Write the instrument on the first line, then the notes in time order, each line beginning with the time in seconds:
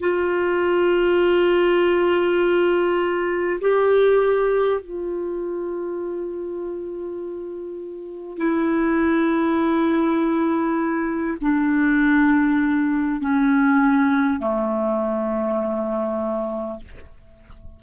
clarinet
0.00 F4
3.61 G4
4.81 F4
8.37 E4
11.41 D4
13.20 C#4
14.39 A3